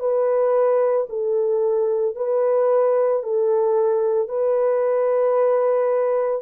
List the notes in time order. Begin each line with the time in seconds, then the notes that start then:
0.00 B4
1.09 A4
2.16 B4
3.23 A4
4.29 B4